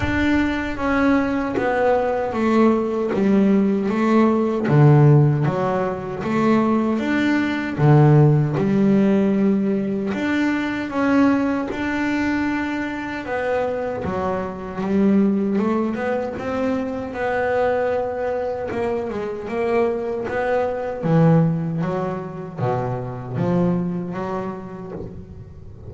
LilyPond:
\new Staff \with { instrumentName = "double bass" } { \time 4/4 \tempo 4 = 77 d'4 cis'4 b4 a4 | g4 a4 d4 fis4 | a4 d'4 d4 g4~ | g4 d'4 cis'4 d'4~ |
d'4 b4 fis4 g4 | a8 b8 c'4 b2 | ais8 gis8 ais4 b4 e4 | fis4 b,4 f4 fis4 | }